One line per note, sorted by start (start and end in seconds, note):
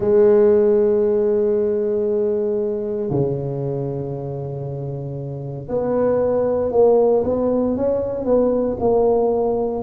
0.00 3.09 G#3
3.09 5.68 C#3
5.68 6.71 B3
6.71 7.23 A#3
7.24 7.76 B3
7.76 8.25 C#4
8.25 8.76 B3
8.79 9.83 A#3